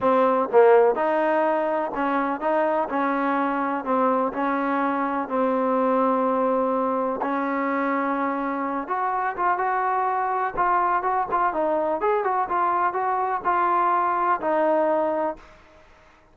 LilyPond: \new Staff \with { instrumentName = "trombone" } { \time 4/4 \tempo 4 = 125 c'4 ais4 dis'2 | cis'4 dis'4 cis'2 | c'4 cis'2 c'4~ | c'2. cis'4~ |
cis'2~ cis'8 fis'4 f'8 | fis'2 f'4 fis'8 f'8 | dis'4 gis'8 fis'8 f'4 fis'4 | f'2 dis'2 | }